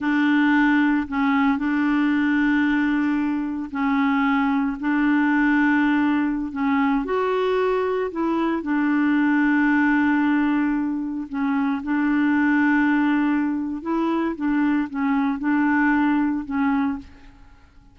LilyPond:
\new Staff \with { instrumentName = "clarinet" } { \time 4/4 \tempo 4 = 113 d'2 cis'4 d'4~ | d'2. cis'4~ | cis'4 d'2.~ | d'16 cis'4 fis'2 e'8.~ |
e'16 d'2.~ d'8.~ | d'4~ d'16 cis'4 d'4.~ d'16~ | d'2 e'4 d'4 | cis'4 d'2 cis'4 | }